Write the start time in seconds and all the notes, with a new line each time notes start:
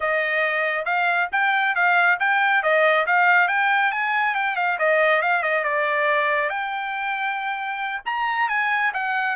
0.00 D#5
0.85 F5
1.32 G5
1.75 F5
2.19 G5
2.62 D#5
3.06 F5
3.48 G5
3.91 G#5
4.34 G5
4.56 F5
4.78 D#5
5.22 F5
5.42 D#5
5.63 D5
6.49 G5
8.05 A#5
8.48 G#5
8.93 F#5